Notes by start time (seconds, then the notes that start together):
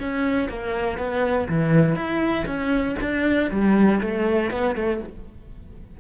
0.00 C#4
0.49 A#3
0.98 B3
1.49 E3
1.95 E4
2.46 C#4
3.01 D4
3.51 G3
4.01 A3
4.51 B3
4.75 A3